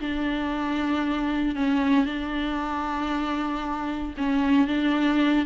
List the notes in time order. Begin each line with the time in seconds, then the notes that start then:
0.00 D4
1.55 C#4
2.05 D4
4.17 C#4
4.67 D4